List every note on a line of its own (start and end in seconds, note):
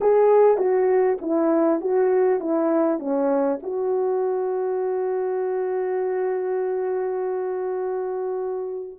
0.01 0.57 G#4
0.57 1.17 F#4
1.21 1.80 E4
1.80 2.39 F#4
2.39 2.99 E4
2.99 3.59 C#4
3.62 8.99 F#4